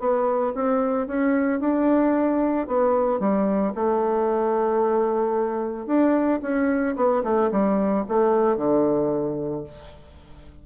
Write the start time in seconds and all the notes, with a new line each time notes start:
0.00 B3
0.55 C4
1.07 C#4
1.60 D4
2.67 B3
3.20 G3
3.75 A3
5.87 D4
6.42 C#4
6.96 B3
7.24 A3
7.52 G3
8.09 A3
8.57 D3